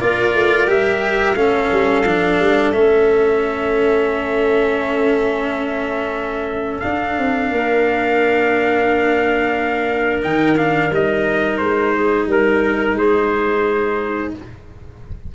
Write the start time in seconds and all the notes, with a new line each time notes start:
0.00 A#3 F4 A#4 D5
0.34 A3
0.67 G3 G4 E5
1.34 A3 C#4 A4 F5
1.72 G3
2.05 F3 D4
2.39 G3
2.72 A3 C#4 E5
6.80 D4 F5
7.18 C4
7.51 A#3 A#4
10.22 D#3 D#4 G5
10.57 D4 F5
10.91 G3 D#4 D#5
11.58 G#3 C5
11.96 G#4
12.27 G3 A#4
12.93 G#3 G#4 C5